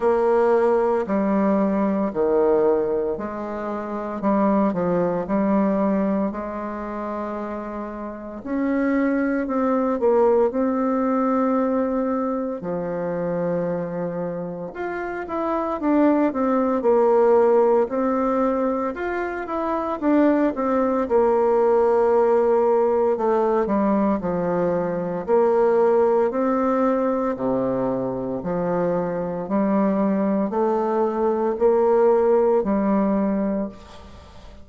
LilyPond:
\new Staff \with { instrumentName = "bassoon" } { \time 4/4 \tempo 4 = 57 ais4 g4 dis4 gis4 | g8 f8 g4 gis2 | cis'4 c'8 ais8 c'2 | f2 f'8 e'8 d'8 c'8 |
ais4 c'4 f'8 e'8 d'8 c'8 | ais2 a8 g8 f4 | ais4 c'4 c4 f4 | g4 a4 ais4 g4 | }